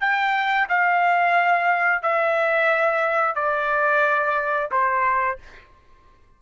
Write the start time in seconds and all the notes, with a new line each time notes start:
0.00 G5
0.69 F5
2.02 E5
3.35 D5
4.71 C5